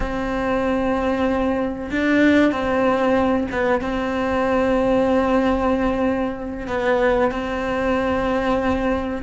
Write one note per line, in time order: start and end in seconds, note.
0.00 1.90 C4
1.91 2.52 D4
2.52 3.47 C4
3.51 3.81 B3
3.81 6.67 C4
6.67 7.31 B3
7.31 9.22 C4